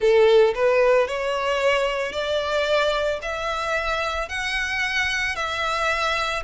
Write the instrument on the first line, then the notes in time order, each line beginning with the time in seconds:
violin
0.00 A4
0.55 B4
1.07 C#5
2.12 D5
3.21 E5
4.29 F#5
5.35 E5